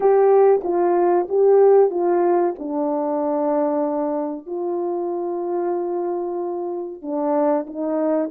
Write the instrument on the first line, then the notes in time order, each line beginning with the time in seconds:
horn
0.00 G4
0.63 F4
1.29 G4
1.90 F4
2.59 D4
4.46 F4
7.02 D4
7.66 D#4